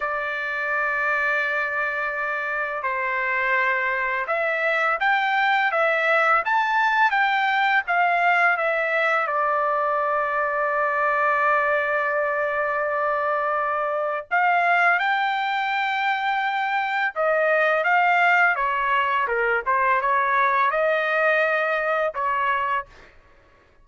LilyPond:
\new Staff \with { instrumentName = "trumpet" } { \time 4/4 \tempo 4 = 84 d''1 | c''2 e''4 g''4 | e''4 a''4 g''4 f''4 | e''4 d''2.~ |
d''1 | f''4 g''2. | dis''4 f''4 cis''4 ais'8 c''8 | cis''4 dis''2 cis''4 | }